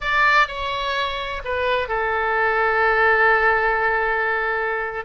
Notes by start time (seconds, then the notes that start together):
0.00 D5
0.47 C#5
1.44 B4
1.88 A4